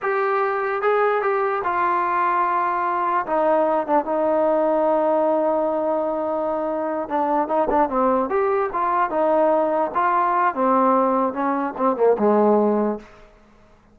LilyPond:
\new Staff \with { instrumentName = "trombone" } { \time 4/4 \tempo 4 = 148 g'2 gis'4 g'4 | f'1 | dis'4. d'8 dis'2~ | dis'1~ |
dis'4. d'4 dis'8 d'8 c'8~ | c'8 g'4 f'4 dis'4.~ | dis'8 f'4. c'2 | cis'4 c'8 ais8 gis2 | }